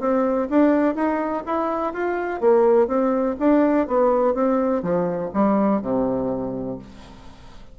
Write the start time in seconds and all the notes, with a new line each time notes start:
0.00 C4
0.50 D4
0.95 D#4
1.47 E4
1.94 F4
2.41 A#3
2.87 C4
3.40 D4
3.88 B3
4.35 C4
4.83 F3
5.34 G3
5.82 C3